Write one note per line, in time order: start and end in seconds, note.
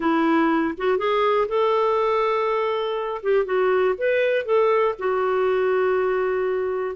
0.00 0.74 E4
0.77 0.98 F#4
0.98 1.47 G#4
1.48 3.21 A4
3.22 3.45 G4
3.45 3.94 F#4
3.97 4.45 B4
4.45 4.95 A4
4.98 6.95 F#4